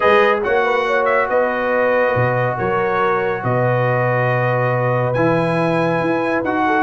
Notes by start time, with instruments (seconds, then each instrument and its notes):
0.00 tuba G#3, trombone G#4, horn B4, trumpet D#5
0.43 tuba A#3, trombone F#4, horn C#5, trumpet F#5
0.64 horn B4
0.86 horn C#5
1.05 trumpet E5
1.29 tuba B3, horn B4, trumpet D#5
2.15 tuba B2
2.56 tuba F#3, horn A#4, trumpet C#5
3.43 tuba B2, horn B4, trumpet D#5
5.13 tuba E3, trombone E4, trumpet G#5
6.00 tuba E4
6.44 tuba D#4, trombone F#4, trumpet F#5
6.66 horn A4